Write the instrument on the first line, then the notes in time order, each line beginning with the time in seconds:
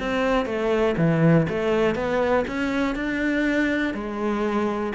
cello
0.00 C4
0.46 A3
0.98 E3
1.50 A3
1.96 B3
2.48 C#4
2.95 D4
3.94 G#3